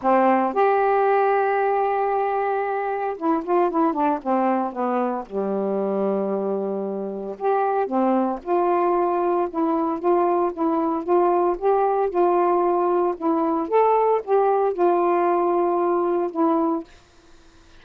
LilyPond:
\new Staff \with { instrumentName = "saxophone" } { \time 4/4 \tempo 4 = 114 c'4 g'2.~ | g'2 e'8 f'8 e'8 d'8 | c'4 b4 g2~ | g2 g'4 c'4 |
f'2 e'4 f'4 | e'4 f'4 g'4 f'4~ | f'4 e'4 a'4 g'4 | f'2. e'4 | }